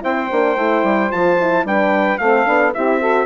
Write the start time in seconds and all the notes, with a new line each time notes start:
0.00 C4 E4 C5 G5
0.31 A#3 D4
0.56 A3 E4
0.83 G3
1.10 F3 F4 A5
1.40 E4
1.64 G3 D4 B4 G5
2.18 A3 C4 A4 F5
2.45 B3 D4
2.74 C4 E4 G4 E5
2.99 F#4 A4